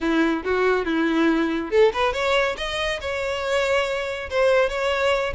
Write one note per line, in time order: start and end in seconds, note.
0.00 0.43 E4
0.44 0.85 F#4
0.85 1.70 E4
1.70 1.92 A4
1.93 2.13 B4
2.13 2.56 C#5
2.57 3.00 D#5
3.00 4.29 C#5
4.30 4.69 C5
4.69 5.33 C#5